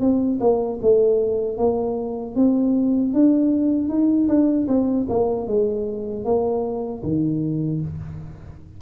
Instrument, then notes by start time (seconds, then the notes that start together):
tuba
0.00 C4
0.40 A#3
0.82 A3
1.58 A#3
2.36 C4
3.13 D4
3.89 D#4
4.28 D4
4.68 C4
5.09 A#3
5.47 G#3
6.24 A#3
7.03 D#3